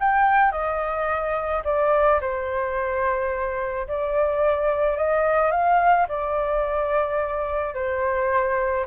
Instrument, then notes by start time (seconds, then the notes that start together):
flute
0.00 G5
0.52 D#5
1.65 D5
2.21 C5
3.88 D5
4.97 D#5
5.51 F5
6.09 D5
7.75 C5